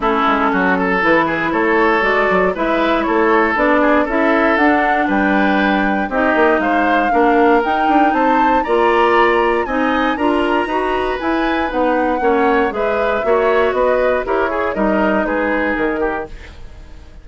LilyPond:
<<
  \new Staff \with { instrumentName = "flute" } { \time 4/4 \tempo 4 = 118 a'2 b'4 cis''4 | d''4 e''4 cis''4 d''4 | e''4 fis''4 g''2 | dis''4 f''2 g''4 |
a''4 ais''2 gis''4 | ais''2 gis''4 fis''4~ | fis''4 e''2 dis''4 | cis''4 dis''4 b'4 ais'4 | }
  \new Staff \with { instrumentName = "oboe" } { \time 4/4 e'4 fis'8 a'4 gis'8 a'4~ | a'4 b'4 a'4. gis'8 | a'2 b'2 | g'4 c''4 ais'2 |
c''4 d''2 dis''4 | ais'4 b'2. | cis''4 b'4 cis''4 b'4 | ais'8 gis'8 ais'4 gis'4. g'8 | }
  \new Staff \with { instrumentName = "clarinet" } { \time 4/4 cis'2 e'2 | fis'4 e'2 d'4 | e'4 d'2. | dis'2 d'4 dis'4~ |
dis'4 f'2 dis'4 | f'4 fis'4 e'4 dis'4 | cis'4 gis'4 fis'2 | g'8 gis'8 dis'2. | }
  \new Staff \with { instrumentName = "bassoon" } { \time 4/4 a8 gis8 fis4 e4 a4 | gis8 fis8 gis4 a4 b4 | cis'4 d'4 g2 | c'8 ais8 gis4 ais4 dis'8 d'8 |
c'4 ais2 c'4 | d'4 dis'4 e'4 b4 | ais4 gis4 ais4 b4 | e'4 g4 gis4 dis4 | }
>>